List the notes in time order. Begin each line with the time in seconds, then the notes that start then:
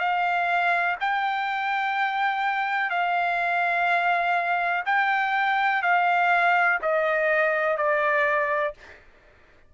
0.00 F5
1.01 G5
2.90 F5
4.86 G5
5.83 F5
6.83 D#5
7.78 D5